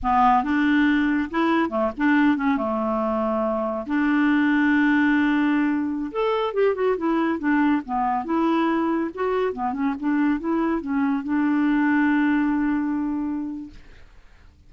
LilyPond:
\new Staff \with { instrumentName = "clarinet" } { \time 4/4 \tempo 4 = 140 b4 d'2 e'4 | a8 d'4 cis'8 a2~ | a4 d'2.~ | d'2~ d'16 a'4 g'8 fis'16~ |
fis'16 e'4 d'4 b4 e'8.~ | e'4~ e'16 fis'4 b8 cis'8 d'8.~ | d'16 e'4 cis'4 d'4.~ d'16~ | d'1 | }